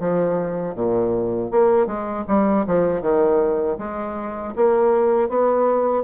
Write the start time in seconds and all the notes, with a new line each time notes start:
0.00 F3
0.75 A#2
1.51 A#3
1.87 G#3
2.28 G3
2.67 F3
3.02 D#3
3.78 G#3
4.56 A#3
5.29 B3